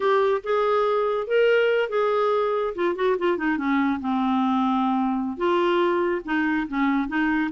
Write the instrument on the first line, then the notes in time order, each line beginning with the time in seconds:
clarinet
0.00 G4
0.43 G#4
1.27 A#4
1.89 G#4
2.75 F4
2.95 F#4
3.18 F4
3.37 D#4
3.57 C#4
4.00 C4
5.37 F4
6.24 D#4
6.68 C#4
7.08 D#4